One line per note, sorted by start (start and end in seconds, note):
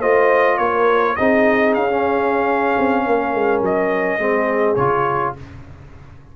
0.00 0.59 A3
0.00 1.17 F4
0.00 0.58 C5
0.00 0.58 D#5
0.58 1.17 A#3
0.58 1.17 A#4
0.58 1.16 C#5
1.16 1.76 C4
1.16 1.90 D#4
1.16 3.04 G#4
1.16 1.74 D#5
1.75 2.77 C#4
1.75 3.62 F5
1.90 4.20 C#4
2.79 3.07 C4
3.07 3.35 A#3
3.07 4.20 A#4
3.35 3.62 G#3
3.62 4.19 F#3
3.62 4.76 D#5
4.19 4.77 G#3
4.19 4.77 C4
4.19 5.35 G#4
4.76 5.35 C#3
4.76 5.37 F4
4.76 5.34 C#5